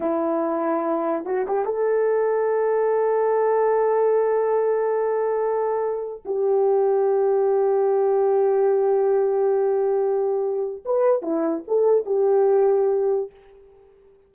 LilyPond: \new Staff \with { instrumentName = "horn" } { \time 4/4 \tempo 4 = 144 e'2. fis'8 g'8 | a'1~ | a'1~ | a'2. g'4~ |
g'1~ | g'1~ | g'2 b'4 e'4 | a'4 g'2. | }